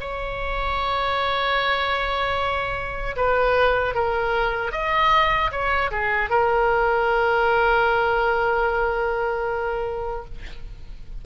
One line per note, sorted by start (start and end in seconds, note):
0.00 3.16 C#5
3.16 3.94 B4
3.94 4.72 A#4
4.72 5.51 D#5
5.51 5.91 C#5
5.91 6.30 G#4
6.30 10.25 A#4